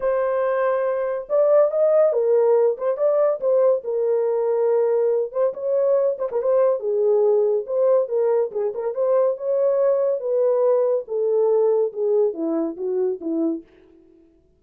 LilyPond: \new Staff \with { instrumentName = "horn" } { \time 4/4 \tempo 4 = 141 c''2. d''4 | dis''4 ais'4. c''8 d''4 | c''4 ais'2.~ | ais'8 c''8 cis''4. c''16 ais'16 c''4 |
gis'2 c''4 ais'4 | gis'8 ais'8 c''4 cis''2 | b'2 a'2 | gis'4 e'4 fis'4 e'4 | }